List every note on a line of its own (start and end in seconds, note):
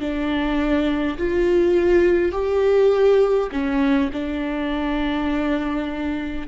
0.00 1.18 D4
1.18 2.32 F4
2.32 3.50 G4
3.52 4.11 C#4
4.13 6.48 D4